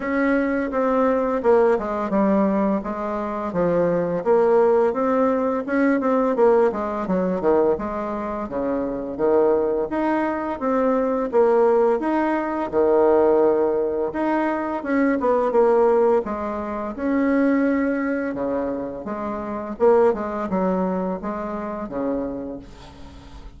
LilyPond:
\new Staff \with { instrumentName = "bassoon" } { \time 4/4 \tempo 4 = 85 cis'4 c'4 ais8 gis8 g4 | gis4 f4 ais4 c'4 | cis'8 c'8 ais8 gis8 fis8 dis8 gis4 | cis4 dis4 dis'4 c'4 |
ais4 dis'4 dis2 | dis'4 cis'8 b8 ais4 gis4 | cis'2 cis4 gis4 | ais8 gis8 fis4 gis4 cis4 | }